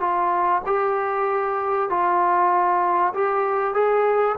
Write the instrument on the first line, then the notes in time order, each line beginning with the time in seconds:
trombone
0.00 F4
0.66 G4
1.89 F4
3.14 G4
3.74 G#4